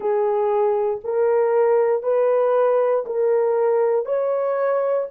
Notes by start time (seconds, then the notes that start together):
0.00 G#4
1.04 A#4
2.02 B4
3.06 A#4
4.05 C#5